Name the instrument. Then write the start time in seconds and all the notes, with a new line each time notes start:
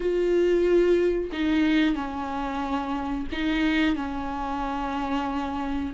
viola
0.00 F4
1.32 D#4
1.95 C#4
3.32 D#4
3.95 C#4